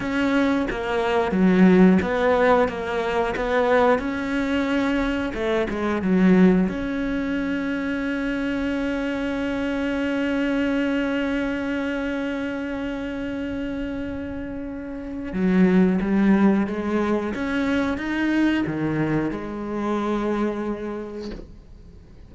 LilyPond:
\new Staff \with { instrumentName = "cello" } { \time 4/4 \tempo 4 = 90 cis'4 ais4 fis4 b4 | ais4 b4 cis'2 | a8 gis8 fis4 cis'2~ | cis'1~ |
cis'1~ | cis'2. fis4 | g4 gis4 cis'4 dis'4 | dis4 gis2. | }